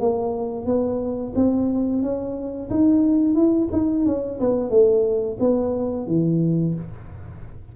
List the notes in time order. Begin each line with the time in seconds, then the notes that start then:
0.00 A#3
0.66 B3
1.35 C4
2.02 C#4
2.70 D#4
3.35 E4
3.72 D#4
4.06 C#4
4.40 B3
4.70 A3
5.40 B3
6.07 E3